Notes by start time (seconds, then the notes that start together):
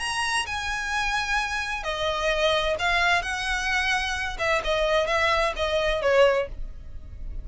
0.00 A#5
0.47 G#5
1.84 D#5
2.80 F5
3.22 F#5
4.39 E5
4.65 D#5
5.07 E5
5.57 D#5
6.02 C#5